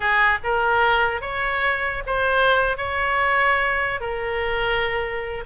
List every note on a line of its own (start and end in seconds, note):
0.00 0.38 G#4
0.43 1.21 A#4
1.21 2.03 C#5
2.06 2.77 C5
2.77 4.00 C#5
4.00 5.44 A#4